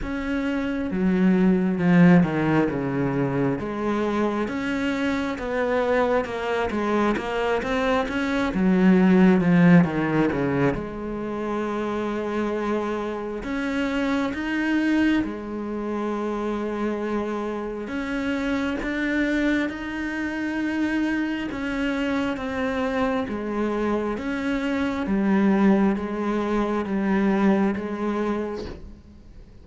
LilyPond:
\new Staff \with { instrumentName = "cello" } { \time 4/4 \tempo 4 = 67 cis'4 fis4 f8 dis8 cis4 | gis4 cis'4 b4 ais8 gis8 | ais8 c'8 cis'8 fis4 f8 dis8 cis8 | gis2. cis'4 |
dis'4 gis2. | cis'4 d'4 dis'2 | cis'4 c'4 gis4 cis'4 | g4 gis4 g4 gis4 | }